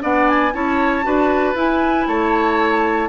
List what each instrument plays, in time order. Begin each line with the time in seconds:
0.00 bassoon B3, clarinet D4, oboe D5, flute F#5
0.29 flute G#5
0.53 bassoon C#4, clarinet E4, oboe C#5, flute A5
1.03 bassoon D4, clarinet F#4, oboe B4
1.54 bassoon E4, clarinet E4, flute G#5
2.07 bassoon A3, oboe C#5, flute A5